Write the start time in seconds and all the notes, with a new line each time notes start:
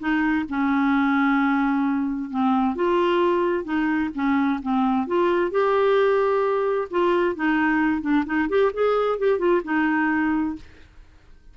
0.00 D#4
0.49 C#4
2.31 C4
2.76 F4
3.65 D#4
4.15 C#4
4.63 C4
5.07 F4
5.51 G4
6.91 F4
7.36 D#4
8.02 D4
8.26 D#4
8.49 G4
8.74 G#4
9.19 G4
9.39 F4
9.65 D#4